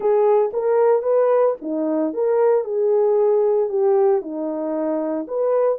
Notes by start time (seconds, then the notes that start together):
0.00 G#4
0.53 A#4
1.02 B4
1.61 D#4
2.13 A#4
2.64 G#4
3.69 G4
4.21 D#4
5.27 B4